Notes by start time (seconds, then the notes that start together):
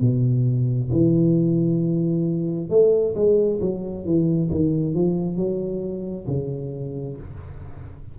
0.00 B2
0.92 E3
2.69 A3
3.15 G#3
3.60 F#3
4.05 E3
4.50 D#3
4.94 F3
5.36 F#3
6.27 C#3